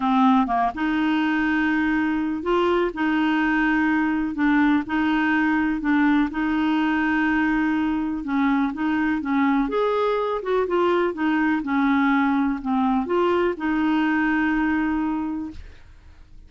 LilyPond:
\new Staff \with { instrumentName = "clarinet" } { \time 4/4 \tempo 4 = 124 c'4 ais8 dis'2~ dis'8~ | dis'4 f'4 dis'2~ | dis'4 d'4 dis'2 | d'4 dis'2.~ |
dis'4 cis'4 dis'4 cis'4 | gis'4. fis'8 f'4 dis'4 | cis'2 c'4 f'4 | dis'1 | }